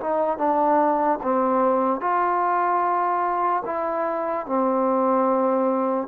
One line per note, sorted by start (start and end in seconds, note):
0.00 0.38 D#4
0.38 1.19 D4
1.22 2.01 C4
2.01 3.63 F4
3.65 4.46 E4
4.46 6.08 C4